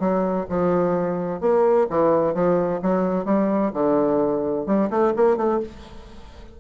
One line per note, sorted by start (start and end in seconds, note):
0.00 0.47 F#3
0.49 1.41 F3
1.41 1.87 A#3
1.90 2.34 E3
2.34 2.81 F3
2.82 3.25 F#3
3.25 3.72 G3
3.74 4.67 D3
4.67 4.90 G3
4.90 5.14 A3
5.16 5.37 A#3
5.37 5.60 A3